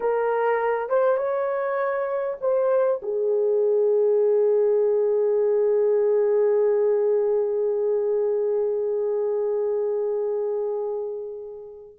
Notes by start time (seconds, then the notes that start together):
0.00 A#4
0.89 C5
1.17 C#5
2.41 C5
3.02 G#4